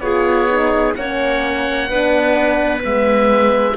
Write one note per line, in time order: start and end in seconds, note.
0.00 0.94 B3
0.00 0.49 F4
0.00 0.96 G#4
0.00 0.94 C#5
0.49 0.96 D#4
0.96 1.90 A#3
0.96 1.90 C#4
0.96 1.90 C#5
0.96 2.83 F#5
1.90 2.83 B3
1.90 2.82 D4
1.90 3.77 B4
2.82 3.77 G#3
2.82 3.75 B3
2.82 3.77 E5